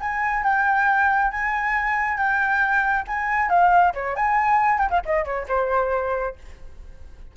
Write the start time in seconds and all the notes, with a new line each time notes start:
0.00 G#5
0.43 G5
1.31 G#5
2.17 G5
3.07 G#5
3.49 F5
3.94 C#5
4.16 G#5
4.78 G5
4.90 F5
5.05 D#5
5.25 C#5
5.48 C5